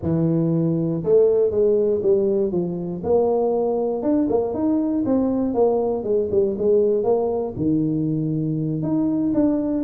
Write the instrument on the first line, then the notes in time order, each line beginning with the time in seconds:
tuba
0.02 E3
1.03 A3
1.50 G#3
2.02 G3
2.51 F3
3.03 A#3
4.02 D4
4.29 A#3
4.54 D#4
5.05 C4
5.54 A#3
6.03 G#3
6.31 G3
6.58 G#3
7.03 A#3
7.56 D#3
8.82 D#4
9.33 D4